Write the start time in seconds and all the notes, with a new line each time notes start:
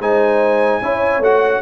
0.00 G#3 D#4 C5 G#5
0.81 C#4 E4 C#5
1.20 A3 F#4 F#5